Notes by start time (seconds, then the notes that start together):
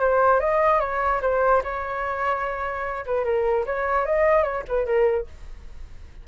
0.00 C5
0.40 D#5
0.80 C#5
1.22 C5
1.63 C#5
3.06 B4
3.24 A#4
3.66 C#5
4.06 D#5
4.43 C#5
4.68 B4
4.86 A#4